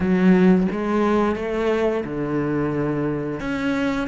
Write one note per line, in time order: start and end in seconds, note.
0.00 0.67 F#3
0.71 1.35 G#3
1.35 2.04 A3
2.05 3.39 D3
3.39 4.07 C#4